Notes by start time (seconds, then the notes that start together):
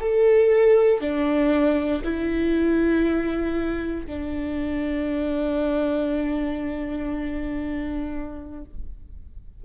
0.00 A4
1.00 D4
2.04 E4
4.06 D4